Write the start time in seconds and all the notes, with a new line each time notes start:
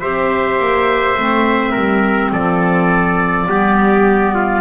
0.00 C4 G4 C5 E5
0.60 A#3
1.18 A3 C4
1.72 G3 A#4
2.33 F3 A4 D5
3.47 G3 B3 G4
4.35 F4